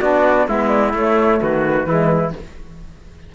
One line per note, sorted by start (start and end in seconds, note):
0.00 0.47 B3
0.00 0.48 D4
0.00 0.47 F#4
0.00 0.47 D5
0.47 0.94 G#3
0.47 0.94 B3
0.47 1.41 E4
0.47 0.68 E5
0.68 0.91 D5
0.94 1.40 A3
0.94 1.87 A3
0.94 1.41 C#5
1.41 1.86 D#3
1.41 1.88 F#4
1.41 2.34 B4
1.86 2.32 E3
1.86 2.33 G#3
1.86 2.34 E4